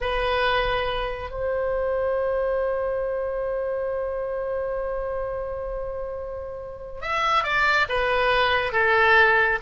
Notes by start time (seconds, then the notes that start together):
0.00 B4
1.30 C5
7.01 E5
7.43 D5
7.88 B4
8.72 A4